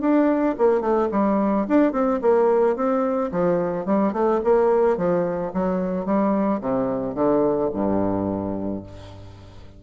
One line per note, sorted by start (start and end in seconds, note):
0.00 0.55 D4
0.58 0.81 A#3
0.81 1.08 A3
1.11 1.66 G3
1.68 1.92 D4
1.92 2.19 C4
2.21 2.75 A#3
2.75 3.31 C4
3.31 3.85 F3
3.85 4.12 G3
4.12 4.40 A3
4.44 4.97 A#3
4.97 5.52 F3
5.53 6.05 F#3
6.05 6.60 G3
6.60 7.15 C3
7.15 7.70 D3
7.73 8.83 G2